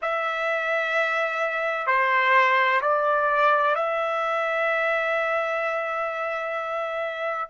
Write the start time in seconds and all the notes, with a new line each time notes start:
0.02 E5
1.87 C5
2.81 D5
3.75 E5